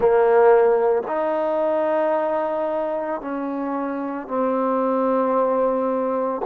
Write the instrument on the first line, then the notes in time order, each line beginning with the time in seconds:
trombone
0.00 A#3
1.07 D#4
3.21 C#4
4.27 C4